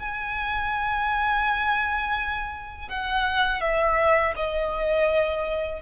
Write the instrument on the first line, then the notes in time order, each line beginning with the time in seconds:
violin
0.00 G#5
2.89 F#5
3.61 E5
4.36 D#5